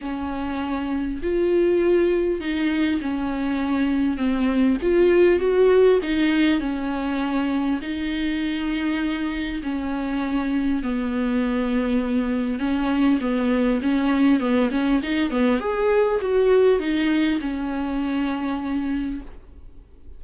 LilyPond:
\new Staff \with { instrumentName = "viola" } { \time 4/4 \tempo 4 = 100 cis'2 f'2 | dis'4 cis'2 c'4 | f'4 fis'4 dis'4 cis'4~ | cis'4 dis'2. |
cis'2 b2~ | b4 cis'4 b4 cis'4 | b8 cis'8 dis'8 b8 gis'4 fis'4 | dis'4 cis'2. | }